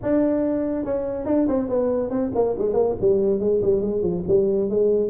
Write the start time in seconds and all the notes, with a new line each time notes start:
0.02 D4
0.85 C#4
1.25 D4
1.48 C4
1.68 B3
2.09 C4
2.34 A#3
2.58 G#3
2.73 A#3
3.00 G3
3.39 G#3
3.62 G3
3.81 G#3
4.01 F3
4.27 G3
4.69 G#3